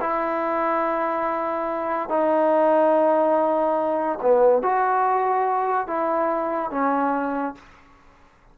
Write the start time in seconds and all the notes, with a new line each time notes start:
0.00 E4
2.09 D#4
4.21 B3
4.62 F#4
5.87 E4
6.71 C#4